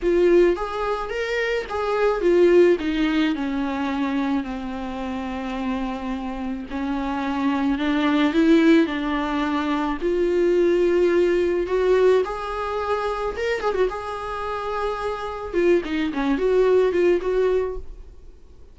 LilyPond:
\new Staff \with { instrumentName = "viola" } { \time 4/4 \tempo 4 = 108 f'4 gis'4 ais'4 gis'4 | f'4 dis'4 cis'2 | c'1 | cis'2 d'4 e'4 |
d'2 f'2~ | f'4 fis'4 gis'2 | ais'8 gis'16 fis'16 gis'2. | f'8 dis'8 cis'8 fis'4 f'8 fis'4 | }